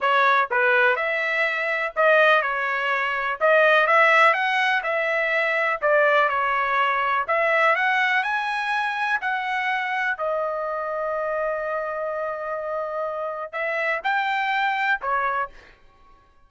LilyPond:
\new Staff \with { instrumentName = "trumpet" } { \time 4/4 \tempo 4 = 124 cis''4 b'4 e''2 | dis''4 cis''2 dis''4 | e''4 fis''4 e''2 | d''4 cis''2 e''4 |
fis''4 gis''2 fis''4~ | fis''4 dis''2.~ | dis''1 | e''4 g''2 cis''4 | }